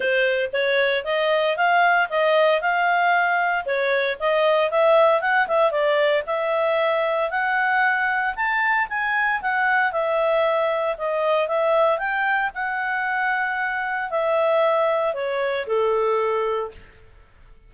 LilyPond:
\new Staff \with { instrumentName = "clarinet" } { \time 4/4 \tempo 4 = 115 c''4 cis''4 dis''4 f''4 | dis''4 f''2 cis''4 | dis''4 e''4 fis''8 e''8 d''4 | e''2 fis''2 |
a''4 gis''4 fis''4 e''4~ | e''4 dis''4 e''4 g''4 | fis''2. e''4~ | e''4 cis''4 a'2 | }